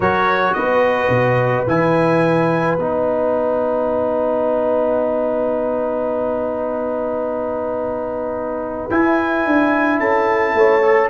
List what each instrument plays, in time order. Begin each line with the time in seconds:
0.00 tuba F#3, trombone F#4, horn A#4, trumpet C#5
0.53 tuba B3, horn B4, trumpet D#5
1.09 tuba B2
1.66 tuba E3, trombone E4, trumpet G#5
2.78 tuba B3, trombone D#4, trumpet F#5
8.90 trombone E4, tuba E4, trumpet G#5
9.45 tuba D4
9.99 tuba C#4, horn A4, trumpet A5
10.53 tuba A3, horn C#5
10.82 trombone A4